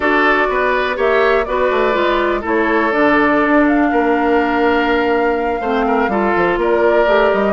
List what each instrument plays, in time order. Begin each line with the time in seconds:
0.00 bassoon D4, clarinet F#4, oboe A4, flute D5
0.48 bassoon B3, oboe B4
0.95 bassoon A#3, clarinet G4, oboe C#5, flute E5
1.44 bassoon B3, clarinet F#4, oboe B4, flute D5
1.70 bassoon A3
1.92 bassoon G#3, clarinet F4
2.40 bassoon A3, clarinet E4, oboe A4
2.47 flute C#5
2.91 bassoon D3, clarinet D4, flute D5
3.43 bassoon D4
3.67 flute F5
3.91 bassoon A#3, oboe A#4
5.60 bassoon A3, clarinet C4, oboe C5
5.86 oboe A#4
6.08 bassoon G3, clarinet F4, oboe A4
6.36 bassoon F3
6.57 bassoon A#3, oboe A#4, flute D5
7.06 bassoon A3, clarinet G4
7.32 bassoon G3, flute D#5